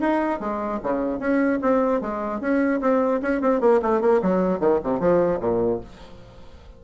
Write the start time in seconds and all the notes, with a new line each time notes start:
0.00 D#4
0.40 G#3
0.83 C#3
1.19 C#4
1.61 C4
2.01 G#3
2.40 C#4
2.81 C4
3.22 C#4
3.41 C4
3.60 A#3
3.82 A3
4.01 A#3
4.22 F#3
4.60 D#3
4.83 C3
5.00 F3
5.41 A#2